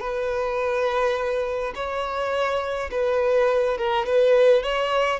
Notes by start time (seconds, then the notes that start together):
0.00 B4
1.75 C#5
2.91 B4
3.77 A#4
4.06 B4
4.62 C#5